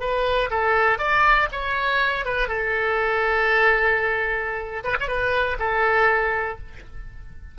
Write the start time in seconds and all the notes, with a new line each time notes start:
0.00 B4
0.50 A4
0.98 D5
1.52 C#5
2.25 B4
2.48 A4
4.84 B4
5.00 C#5
5.08 B4
5.59 A4